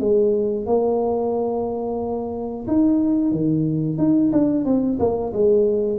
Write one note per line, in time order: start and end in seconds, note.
0.00 0.66 G#3
0.66 2.66 A#3
2.68 3.31 D#4
3.31 3.98 D#3
3.98 4.31 D#4
4.32 4.65 D4
4.65 4.98 C4
4.99 5.33 A#3
5.33 5.99 G#3